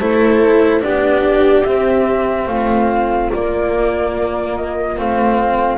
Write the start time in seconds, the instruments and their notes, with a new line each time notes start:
0.00 double bass A3, cello E4, viola A4, flute C5
0.81 double bass B3, cello D4, viola G4, flute D5
1.64 double bass C4, cello C4, flute E5
2.48 double bass A3, viola F4, flute F5
3.32 cello A#3, double bass A#3, flute D5
4.57 flute D#5
4.97 double bass A3, cello C4, flute F5